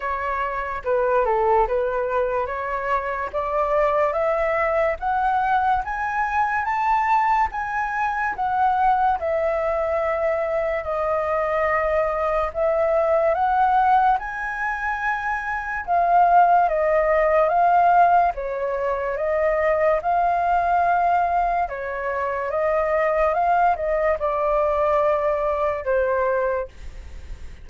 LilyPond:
\new Staff \with { instrumentName = "flute" } { \time 4/4 \tempo 4 = 72 cis''4 b'8 a'8 b'4 cis''4 | d''4 e''4 fis''4 gis''4 | a''4 gis''4 fis''4 e''4~ | e''4 dis''2 e''4 |
fis''4 gis''2 f''4 | dis''4 f''4 cis''4 dis''4 | f''2 cis''4 dis''4 | f''8 dis''8 d''2 c''4 | }